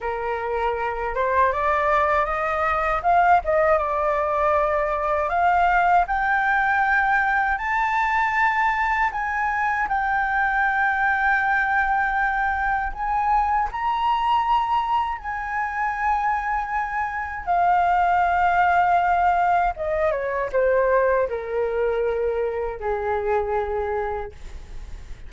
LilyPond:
\new Staff \with { instrumentName = "flute" } { \time 4/4 \tempo 4 = 79 ais'4. c''8 d''4 dis''4 | f''8 dis''8 d''2 f''4 | g''2 a''2 | gis''4 g''2.~ |
g''4 gis''4 ais''2 | gis''2. f''4~ | f''2 dis''8 cis''8 c''4 | ais'2 gis'2 | }